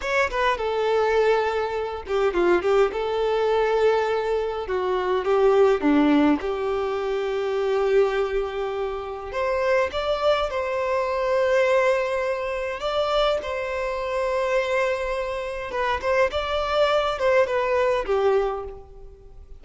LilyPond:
\new Staff \with { instrumentName = "violin" } { \time 4/4 \tempo 4 = 103 cis''8 b'8 a'2~ a'8 g'8 | f'8 g'8 a'2. | fis'4 g'4 d'4 g'4~ | g'1 |
c''4 d''4 c''2~ | c''2 d''4 c''4~ | c''2. b'8 c''8 | d''4. c''8 b'4 g'4 | }